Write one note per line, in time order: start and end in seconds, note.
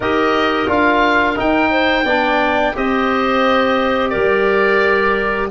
0.00 0.67 D#4
0.00 0.67 G4
0.00 1.71 A#4
0.00 0.70 D#5
0.67 1.36 D4
0.67 1.35 F4
0.67 1.39 F5
1.35 2.04 D#4
1.35 2.76 G5
1.71 2.04 C5
2.04 2.73 B3
2.04 2.74 D4
2.04 2.73 D5
2.74 4.14 C4
2.74 5.50 G4
2.74 4.10 C5
2.74 4.09 D#5
4.09 5.51 G3
4.09 5.48 A#4
4.09 5.47 D5